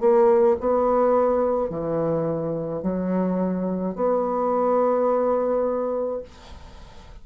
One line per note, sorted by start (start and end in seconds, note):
0.00 0.57 A#3
0.60 1.70 B3
1.70 2.83 E3
2.83 3.95 F#3
3.95 6.22 B3